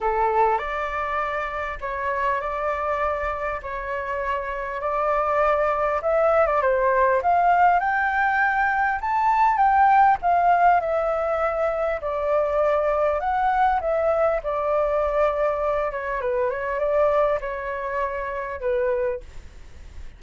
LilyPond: \new Staff \with { instrumentName = "flute" } { \time 4/4 \tempo 4 = 100 a'4 d''2 cis''4 | d''2 cis''2 | d''2 e''8. d''16 c''4 | f''4 g''2 a''4 |
g''4 f''4 e''2 | d''2 fis''4 e''4 | d''2~ d''8 cis''8 b'8 cis''8 | d''4 cis''2 b'4 | }